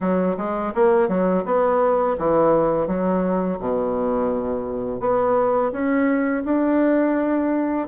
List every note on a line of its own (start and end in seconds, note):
0.00 0.36 F#3
0.37 0.72 G#3
0.75 1.08 A#3
1.08 1.44 F#3
1.45 2.16 B3
2.18 2.87 E3
2.87 3.58 F#3
3.59 5.00 B2
5.00 5.71 B3
5.71 6.43 C#4
6.44 7.87 D4